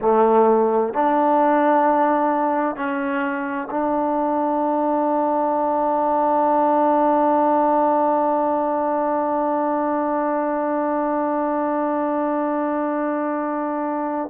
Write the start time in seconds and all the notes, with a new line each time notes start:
0.01 A3
0.93 D4
2.76 C#4
3.70 D4